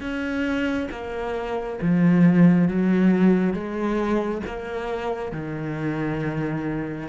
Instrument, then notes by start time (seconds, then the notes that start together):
cello
0.00 C#4
0.91 A#3
1.81 F3
2.68 F#3
3.53 G#3
4.46 A#3
5.32 D#3